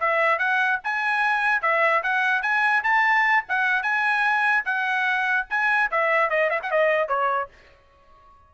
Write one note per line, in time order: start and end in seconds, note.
0.00 0.39 E5
0.39 0.80 F#5
0.84 1.62 G#5
1.62 2.03 E5
2.03 2.42 F#5
2.42 2.83 G#5
2.83 3.45 A5
3.49 3.83 F#5
3.83 4.65 G#5
4.65 5.47 F#5
5.50 5.91 G#5
5.91 6.30 E5
6.30 6.50 D#5
6.50 6.60 E5
6.63 6.71 F#5
6.71 7.09 D#5
7.09 7.50 C#5